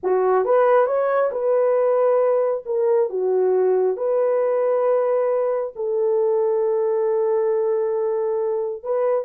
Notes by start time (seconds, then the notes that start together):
0.03 F#4
0.44 B4
0.86 C#5
1.31 B4
2.65 A#4
3.09 F#4
3.96 B4
5.75 A4
8.83 B4